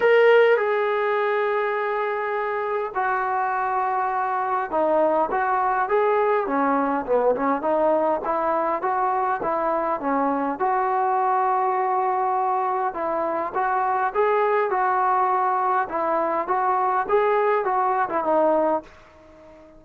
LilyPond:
\new Staff \with { instrumentName = "trombone" } { \time 4/4 \tempo 4 = 102 ais'4 gis'2.~ | gis'4 fis'2. | dis'4 fis'4 gis'4 cis'4 | b8 cis'8 dis'4 e'4 fis'4 |
e'4 cis'4 fis'2~ | fis'2 e'4 fis'4 | gis'4 fis'2 e'4 | fis'4 gis'4 fis'8. e'16 dis'4 | }